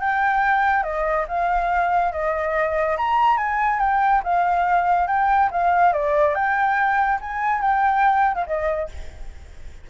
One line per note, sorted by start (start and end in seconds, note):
0.00 0.83 G5
0.83 1.25 D#5
1.28 2.12 F5
2.12 2.96 D#5
2.97 3.37 A#5
3.37 3.79 G#5
3.80 4.22 G5
4.23 5.07 F5
5.07 5.49 G5
5.51 5.93 F5
5.93 6.35 D5
6.35 7.19 G5
7.21 7.61 G#5
7.61 8.35 G5
8.35 8.45 F5
8.46 8.88 D#5